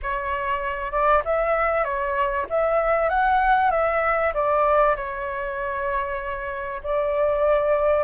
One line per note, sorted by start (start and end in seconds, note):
0.02 0.91 C#5
0.91 1.22 D5
1.24 1.84 E5
1.84 2.46 C#5
2.49 3.09 E5
3.09 3.71 F#5
3.71 4.32 E5
4.34 4.95 D5
4.96 6.81 C#5
6.83 8.04 D5